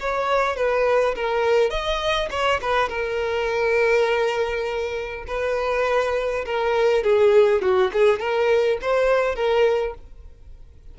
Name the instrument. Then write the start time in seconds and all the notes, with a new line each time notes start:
violin
0.00 C#5
0.56 B4
1.16 A#4
1.70 D#5
2.31 C#5
2.61 B4
2.89 A#4
5.27 B4
6.45 A#4
7.04 G#4
7.62 F#4
7.93 G#4
8.20 A#4
8.82 C5
9.35 A#4